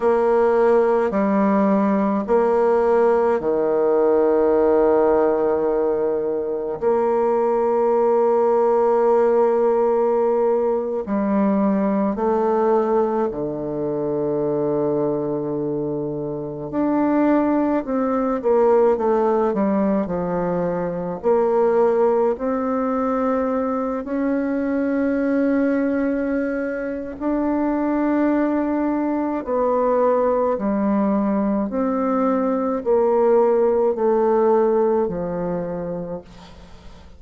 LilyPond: \new Staff \with { instrumentName = "bassoon" } { \time 4/4 \tempo 4 = 53 ais4 g4 ais4 dis4~ | dis2 ais2~ | ais4.~ ais16 g4 a4 d16~ | d2~ d8. d'4 c'16~ |
c'16 ais8 a8 g8 f4 ais4 c'16~ | c'4~ c'16 cis'2~ cis'8. | d'2 b4 g4 | c'4 ais4 a4 f4 | }